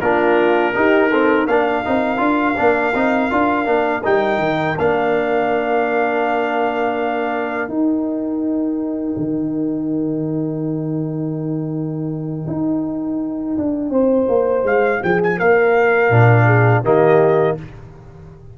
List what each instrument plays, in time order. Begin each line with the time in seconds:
0.00 tuba A#3, trombone D4, horn F4, trumpet A#4
0.74 trombone D#4, tuba D#4, horn G4
1.10 trombone C4, horn A4
1.47 tuba A#3, trombone D4, horn A#4, trumpet F5
1.84 tuba C4, trombone D#4
2.17 tuba D4, trombone F4
2.57 tuba A#3, trombone D4
2.94 tuba C4, trombone D#4
3.31 tuba D4, trombone F4
3.65 tuba A#3, trombone D4
4.03 tuba G3, trombone D#4, trumpet G5
4.38 tuba D#3
4.78 tuba A#3, trombone D4, trumpet F5
7.68 tuba D#4, trombone D#4, trumpet G5
9.17 tuba D#3
12.47 tuba D#4
13.57 tuba D4
13.90 tuba C4, horn C5
14.28 tuba A#3
14.63 tuba G#3, trumpet F5
15.03 tuba F3, horn G#4, trumpet G5
15.23 trumpet G#5
15.37 tuba A#3, horn A#4, trumpet F5
16.10 tuba A#2, trombone D4
16.46 horn G#4
16.83 tuba D#3, trombone A#3, horn G4, trumpet D#5